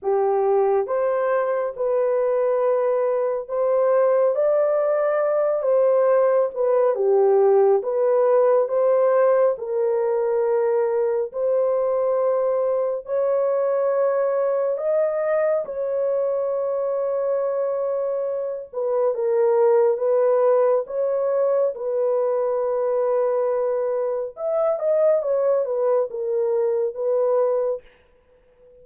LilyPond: \new Staff \with { instrumentName = "horn" } { \time 4/4 \tempo 4 = 69 g'4 c''4 b'2 | c''4 d''4. c''4 b'8 | g'4 b'4 c''4 ais'4~ | ais'4 c''2 cis''4~ |
cis''4 dis''4 cis''2~ | cis''4. b'8 ais'4 b'4 | cis''4 b'2. | e''8 dis''8 cis''8 b'8 ais'4 b'4 | }